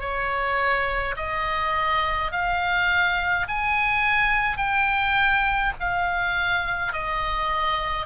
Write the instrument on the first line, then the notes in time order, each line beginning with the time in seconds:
oboe
0.00 C#5
1.16 D#5
2.31 F5
3.48 G#5
4.57 G5
5.80 F5
6.93 D#5